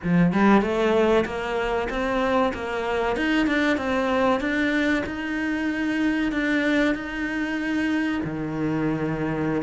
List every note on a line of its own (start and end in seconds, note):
0.03 0.32 F3
0.32 0.61 G3
0.61 1.24 A3
1.25 1.88 A#3
1.89 2.52 C4
2.54 3.16 A#3
3.16 3.47 D#4
3.47 3.77 D4
3.77 4.40 C4
4.40 5.03 D4
5.06 6.32 D#4
6.32 6.94 D4
6.94 8.21 D#4
8.24 9.62 D#3